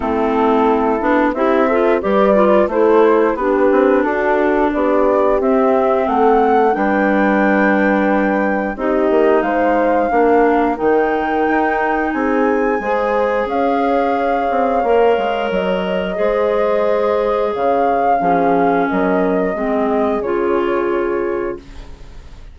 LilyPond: <<
  \new Staff \with { instrumentName = "flute" } { \time 4/4 \tempo 4 = 89 a'2 e''4 d''4 | c''4 b'4 a'4 d''4 | e''4 fis''4 g''2~ | g''4 dis''4 f''2 |
g''2 gis''2 | f''2. dis''4~ | dis''2 f''2 | dis''2 cis''2 | }
  \new Staff \with { instrumentName = "horn" } { \time 4/4 e'2 g'8 a'8 b'4 | a'4 g'4 fis'4 g'4~ | g'4 a'4 b'2~ | b'4 g'4 c''4 ais'4~ |
ais'2 gis'4 c''4 | cis''1 | c''2 cis''4 gis'4 | ais'4 gis'2. | }
  \new Staff \with { instrumentName = "clarinet" } { \time 4/4 c'4. d'8 e'8 f'8 g'8 f'8 | e'4 d'2. | c'2 d'2~ | d'4 dis'2 d'4 |
dis'2. gis'4~ | gis'2 ais'2 | gis'2. cis'4~ | cis'4 c'4 f'2 | }
  \new Staff \with { instrumentName = "bassoon" } { \time 4/4 a4. b8 c'4 g4 | a4 b8 c'8 d'4 b4 | c'4 a4 g2~ | g4 c'8 ais8 gis4 ais4 |
dis4 dis'4 c'4 gis4 | cis'4. c'8 ais8 gis8 fis4 | gis2 cis4 f4 | fis4 gis4 cis2 | }
>>